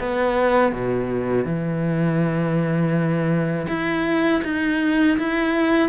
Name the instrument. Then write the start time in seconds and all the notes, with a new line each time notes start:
cello
0.00 B3
0.73 B2
1.45 E3
3.68 E4
4.44 D#4
5.19 E4